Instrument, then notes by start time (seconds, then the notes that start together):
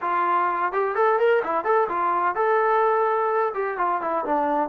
trombone
0.01 F4
0.72 G4
0.95 A4
1.19 A#4
1.44 E4
1.64 A4
1.89 F4
2.35 A4
3.54 G4
3.77 F4
4.01 E4
4.25 D4